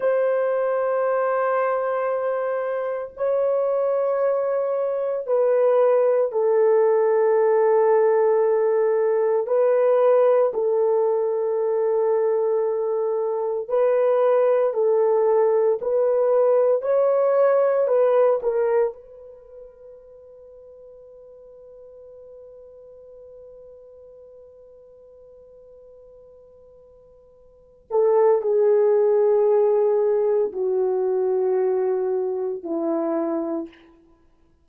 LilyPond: \new Staff \with { instrumentName = "horn" } { \time 4/4 \tempo 4 = 57 c''2. cis''4~ | cis''4 b'4 a'2~ | a'4 b'4 a'2~ | a'4 b'4 a'4 b'4 |
cis''4 b'8 ais'8 b'2~ | b'1~ | b'2~ b'8 a'8 gis'4~ | gis'4 fis'2 e'4 | }